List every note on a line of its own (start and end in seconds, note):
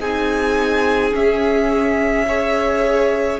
0.00 1.14 C4
0.00 1.12 D#4
0.00 2.26 G#4
0.00 1.15 G#5
1.12 2.25 C#4
1.12 3.40 C#4
1.12 3.40 E5
2.28 3.40 G#4
2.28 3.40 C#5